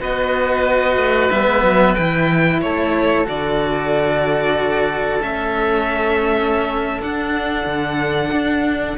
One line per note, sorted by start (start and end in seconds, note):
0.00 0.97 B3
0.00 1.30 F#4
0.00 2.62 B4
0.00 1.31 D#5
0.97 1.30 A3
1.31 1.48 G3
1.31 1.97 B3
1.31 1.95 E5
1.48 1.63 G#3
1.63 1.96 F#3
1.95 2.64 E3
1.95 3.25 E4
1.95 2.60 G5
2.62 3.27 A3
2.62 8.98 A4
2.62 3.27 C#5
3.25 5.22 D3
3.25 5.21 F#4
3.25 5.22 D5
5.22 7.01 A3
5.22 7.02 C#4
5.22 7.02 E5
7.01 7.66 D4
7.01 8.98 D4
7.01 8.98 F#5
7.67 8.32 D3
8.32 8.98 D4